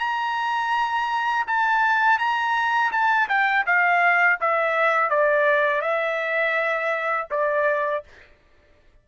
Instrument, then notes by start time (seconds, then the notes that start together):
trumpet
0.00 A#5
1.47 A5
2.19 A#5
2.92 A5
3.29 G5
3.67 F5
4.41 E5
5.10 D5
5.82 E5
7.31 D5